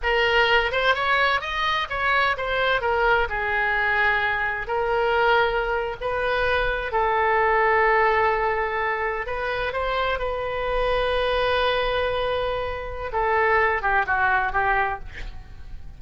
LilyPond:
\new Staff \with { instrumentName = "oboe" } { \time 4/4 \tempo 4 = 128 ais'4. c''8 cis''4 dis''4 | cis''4 c''4 ais'4 gis'4~ | gis'2 ais'2~ | ais'8. b'2 a'4~ a'16~ |
a'2.~ a'8. b'16~ | b'8. c''4 b'2~ b'16~ | b'1 | a'4. g'8 fis'4 g'4 | }